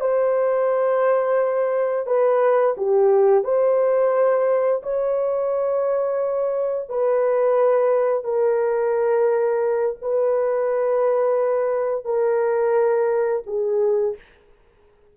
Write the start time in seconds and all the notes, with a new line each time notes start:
0.00 C5
2.06 B4
2.77 G4
3.44 C5
4.83 C#5
6.89 B4
8.24 A#4
10.01 B4
12.05 A#4
13.46 G#4